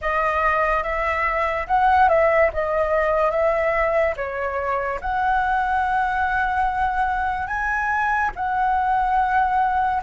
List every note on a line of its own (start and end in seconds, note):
0.01 0.83 D#5
0.83 1.66 E5
1.67 2.08 F#5
2.08 2.50 E5
2.53 3.31 D#5
3.31 4.14 E5
4.16 4.99 C#5
5.00 7.47 F#5
7.47 8.30 G#5
8.35 10.02 F#5